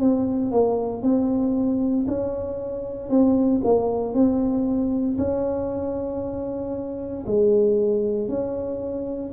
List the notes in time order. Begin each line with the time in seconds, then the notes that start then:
0.00 C4
0.51 A#3
1.03 C4
2.07 C#4
3.09 C4
3.64 A#3
4.14 C4
5.18 C#4
7.26 G#3
8.29 C#4